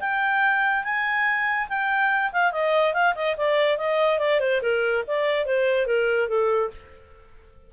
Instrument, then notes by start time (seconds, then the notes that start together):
clarinet
0.00 G5
0.84 G#5
1.69 G5
2.32 F5
2.52 D#5
2.94 F5
3.15 D#5
3.37 D5
3.77 D#5
4.19 D5
4.40 C5
4.62 A#4
5.07 D5
5.46 C5
5.86 A#4
6.28 A4